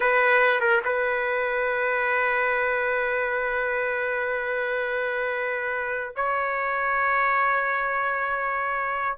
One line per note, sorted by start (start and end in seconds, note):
0.00 0.60 B4
0.60 0.81 A#4
0.84 6.15 B4
6.15 9.17 C#5